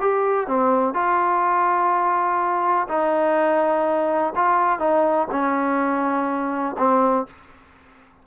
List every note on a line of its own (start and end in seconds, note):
0.00 0.47 G4
0.47 0.94 C4
0.94 2.87 F4
2.88 4.33 D#4
4.35 4.79 F4
4.79 5.27 D#4
5.31 6.76 C#4
6.78 7.26 C4